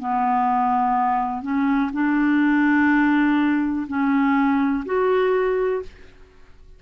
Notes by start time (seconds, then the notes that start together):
0.00 B3
1.43 C#4
1.94 D4
3.88 C#4
4.86 F#4